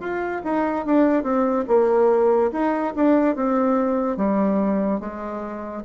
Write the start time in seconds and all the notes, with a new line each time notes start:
0.00 F4
0.44 D#4
0.86 D4
1.23 C4
1.68 A#3
2.52 D#4
2.96 D4
3.36 C4
4.17 G3
5.00 G#3